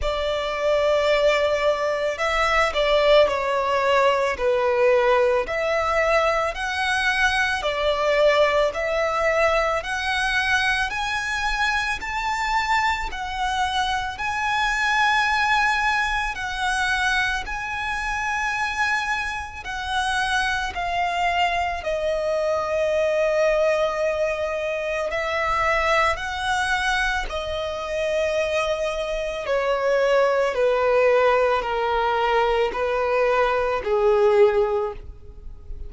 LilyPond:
\new Staff \with { instrumentName = "violin" } { \time 4/4 \tempo 4 = 55 d''2 e''8 d''8 cis''4 | b'4 e''4 fis''4 d''4 | e''4 fis''4 gis''4 a''4 | fis''4 gis''2 fis''4 |
gis''2 fis''4 f''4 | dis''2. e''4 | fis''4 dis''2 cis''4 | b'4 ais'4 b'4 gis'4 | }